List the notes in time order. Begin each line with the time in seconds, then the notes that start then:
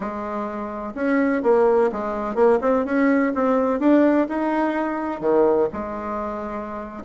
0.00 G#3
0.94 C#4
1.42 A#3
1.92 G#3
2.35 A#3
2.61 C4
2.85 C#4
3.34 C4
3.79 D4
4.29 D#4
5.20 D#3
5.72 G#3